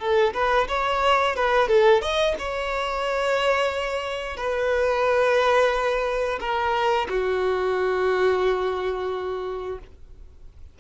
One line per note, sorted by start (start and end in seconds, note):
0.00 0.34 A4
0.34 0.68 B4
0.68 1.36 C#5
1.36 1.68 B4
1.68 2.02 A4
2.02 2.36 D#5
2.39 4.37 C#5
4.37 6.40 B4
6.40 7.08 A#4
7.10 9.79 F#4